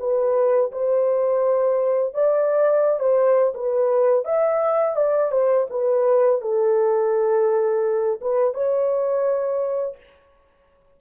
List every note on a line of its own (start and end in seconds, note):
0.00 0.71 B4
0.72 2.14 C5
2.14 3.00 D5
3.00 3.53 C5
3.55 4.25 B4
4.25 4.96 E5
4.96 5.32 D5
5.32 5.68 C5
5.70 6.42 B4
6.42 8.20 A4
8.21 8.54 B4
8.54 9.97 C#5